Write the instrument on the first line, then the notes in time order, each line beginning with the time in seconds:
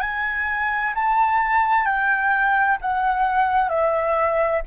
flute
0.00 G#5
0.94 A5
1.85 G5
2.81 F#5
3.69 E5